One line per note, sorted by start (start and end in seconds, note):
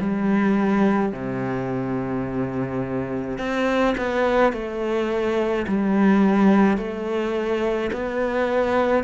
0.00 1.13 G3
1.13 3.39 C3
3.39 3.95 C4
3.98 4.53 B3
4.53 5.66 A3
5.68 6.78 G3
6.78 7.91 A3
7.92 9.04 B3